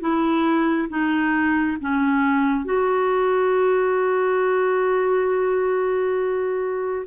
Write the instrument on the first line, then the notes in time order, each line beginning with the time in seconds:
clarinet
0.00 E4
0.89 D#4
1.80 C#4
2.64 F#4